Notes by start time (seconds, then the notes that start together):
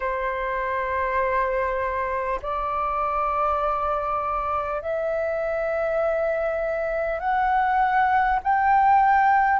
0.00 C5
2.42 D5
4.81 E5
7.19 F#5
8.43 G5